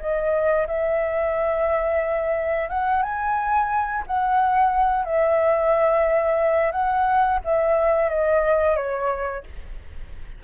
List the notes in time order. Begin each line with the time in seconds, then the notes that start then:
0.00 D#5
0.68 E5
2.70 F#5
3.03 G#5
4.07 F#5
5.05 E5
6.72 F#5
7.45 E5
8.10 D#5
8.77 C#5